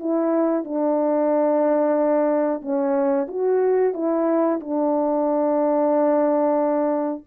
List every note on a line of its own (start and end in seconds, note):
0.00 0.64 E4
0.64 2.61 D4
2.61 3.27 C#4
3.28 3.94 F#4
3.94 4.60 E4
4.60 7.24 D4